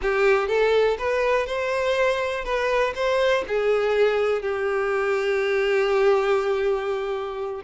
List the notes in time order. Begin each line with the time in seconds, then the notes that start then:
0.01 G4
0.48 A4
0.98 B4
1.46 C5
2.44 B4
2.95 C5
3.47 G#4
4.42 G4